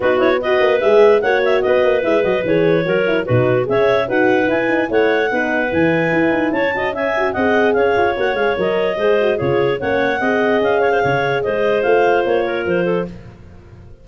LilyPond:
<<
  \new Staff \with { instrumentName = "clarinet" } { \time 4/4 \tempo 4 = 147 b'8 cis''8 dis''4 e''4 fis''8 e''8 | dis''4 e''8 dis''8 cis''2 | b'4 e''4 fis''4 gis''4 | fis''2 gis''2 |
a''4 gis''4 fis''4 f''4 | fis''8 f''8 dis''2 cis''4 | fis''2 f''2 | dis''4 f''4 cis''4 c''4 | }
  \new Staff \with { instrumentName = "clarinet" } { \time 4/4 fis'4 b'2 cis''4 | b'2. ais'4 | fis'4 cis''4 b'2 | cis''4 b'2. |
cis''8 dis''8 e''4 dis''4 cis''4~ | cis''2 c''4 gis'4 | cis''4 dis''4. cis''16 c''16 cis''4 | c''2~ c''8 ais'4 a'8 | }
  \new Staff \with { instrumentName = "horn" } { \time 4/4 dis'8 e'8 fis'4 gis'4 fis'4~ | fis'4 e'8 fis'8 gis'4 fis'8 e'8 | dis'4 gis'4 fis'4 e'8 dis'8 | e'4 dis'4 e'2~ |
e'8 fis'8 cis'8 fis'8 gis'2 | fis'8 gis'8 ais'4 gis'8 fis'8 f'4 | cis'4 gis'2.~ | gis'4 f'2. | }
  \new Staff \with { instrumentName = "tuba" } { \time 4/4 b4. ais8 gis4 ais4 | b8 ais8 gis8 fis8 e4 fis4 | b,4 cis'4 dis'4 e'4 | a4 b4 e4 e'8 dis'8 |
cis'2 c'4 cis'8 f'8 | ais8 gis8 fis4 gis4 cis4 | ais4 c'4 cis'4 cis4 | gis4 a4 ais4 f4 | }
>>